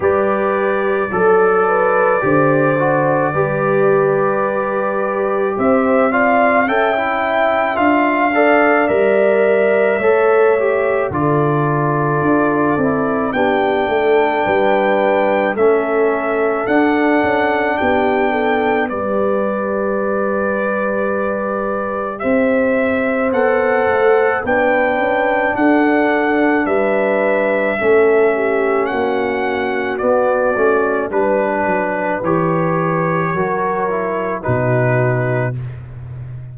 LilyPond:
<<
  \new Staff \with { instrumentName = "trumpet" } { \time 4/4 \tempo 4 = 54 d''1~ | d''4 e''8 f''8 g''4 f''4 | e''2 d''2 | g''2 e''4 fis''4 |
g''4 d''2. | e''4 fis''4 g''4 fis''4 | e''2 fis''4 d''4 | b'4 cis''2 b'4 | }
  \new Staff \with { instrumentName = "horn" } { \time 4/4 b'4 a'8 b'8 c''4 b'4~ | b'4 c''8 d''8 e''4. d''8~ | d''4 cis''4 a'2 | g'8 a'8 b'4 a'2 |
g'8 a'8 b'2. | c''2 b'4 a'4 | b'4 a'8 g'8 fis'2 | b'2 ais'4 fis'4 | }
  \new Staff \with { instrumentName = "trombone" } { \time 4/4 g'4 a'4 g'8 fis'8 g'4~ | g'4. f'8 a'16 e'8. f'8 a'8 | ais'4 a'8 g'8 f'4. e'8 | d'2 cis'4 d'4~ |
d'4 g'2.~ | g'4 a'4 d'2~ | d'4 cis'2 b8 cis'8 | d'4 g'4 fis'8 e'8 dis'4 | }
  \new Staff \with { instrumentName = "tuba" } { \time 4/4 g4 fis4 d4 g4~ | g4 c'4 cis'4 d'4 | g4 a4 d4 d'8 c'8 | b8 a8 g4 a4 d'8 cis'8 |
b4 g2. | c'4 b8 a8 b8 cis'8 d'4 | g4 a4 ais4 b8 a8 | g8 fis8 e4 fis4 b,4 | }
>>